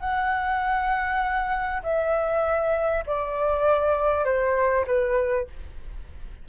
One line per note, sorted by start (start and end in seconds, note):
0.00 1.82 F#5
1.82 3.04 E5
3.06 4.25 D5
4.25 4.85 C5
4.87 5.47 B4